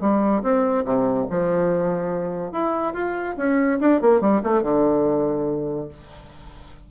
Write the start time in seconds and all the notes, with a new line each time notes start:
0.00 G3
0.42 C4
0.85 C3
1.30 F3
2.52 E4
2.93 F4
3.37 C#4
3.80 D4
4.01 A#3
4.21 G3
4.43 A3
4.62 D3